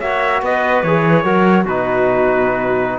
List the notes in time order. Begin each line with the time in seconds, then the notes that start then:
0.00 A#3 F#4 C#5 E5
0.42 B3 B4 D#5
0.82 E3 G#4 C#5
1.24 F#3 F#4 A#4
1.63 B2 D#4 F#4 B4